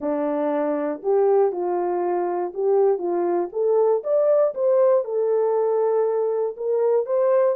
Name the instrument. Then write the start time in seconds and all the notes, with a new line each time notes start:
horn
0.00 D4
1.02 G4
1.52 F4
2.53 G4
2.98 F4
3.52 A4
4.03 D5
4.54 C5
5.04 A4
6.56 A#4
7.05 C5